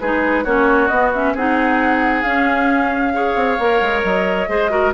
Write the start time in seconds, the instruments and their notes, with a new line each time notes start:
0.00 bassoon G#3, clarinet D#4, oboe G#4, flute B4
0.44 bassoon A#3, clarinet C#4, oboe F#4, flute C#5
0.88 bassoon B3, clarinet B3, flute D#5
1.14 clarinet C#4, flute E5
1.34 bassoon C4, clarinet D#4, oboe G#4, flute F#5
2.22 bassoon C#4, clarinet C#4, flute F5
3.14 clarinet G#4, oboe C#5
3.35 bassoon C4
3.59 bassoon A#3, clarinet A#4
3.81 bassoon G#3
4.03 bassoon F#3, flute D#5
4.48 bassoon G#3, clarinet G#4, oboe C5
4.70 clarinet F#4, oboe A#4